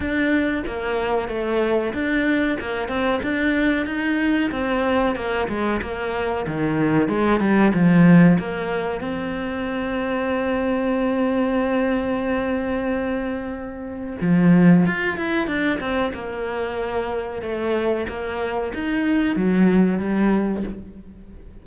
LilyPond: \new Staff \with { instrumentName = "cello" } { \time 4/4 \tempo 4 = 93 d'4 ais4 a4 d'4 | ais8 c'8 d'4 dis'4 c'4 | ais8 gis8 ais4 dis4 gis8 g8 | f4 ais4 c'2~ |
c'1~ | c'2 f4 f'8 e'8 | d'8 c'8 ais2 a4 | ais4 dis'4 fis4 g4 | }